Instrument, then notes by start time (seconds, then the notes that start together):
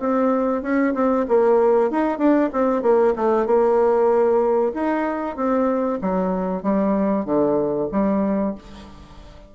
bassoon
0.00 C4
0.63 C#4
0.94 C4
1.28 A#3
1.91 D#4
2.18 D4
2.53 C4
2.82 A#3
3.16 A3
3.47 A#3
4.75 D#4
5.36 C4
6.01 F#3
6.63 G3
7.25 D3
7.92 G3